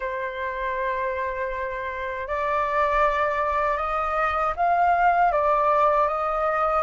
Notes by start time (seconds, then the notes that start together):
0.00 C5
2.27 D5
3.77 D#5
4.56 F5
5.32 D5
6.08 D#5